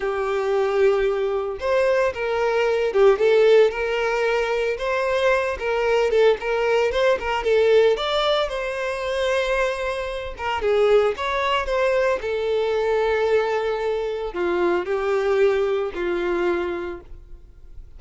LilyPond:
\new Staff \with { instrumentName = "violin" } { \time 4/4 \tempo 4 = 113 g'2. c''4 | ais'4. g'8 a'4 ais'4~ | ais'4 c''4. ais'4 a'8 | ais'4 c''8 ais'8 a'4 d''4 |
c''2.~ c''8 ais'8 | gis'4 cis''4 c''4 a'4~ | a'2. f'4 | g'2 f'2 | }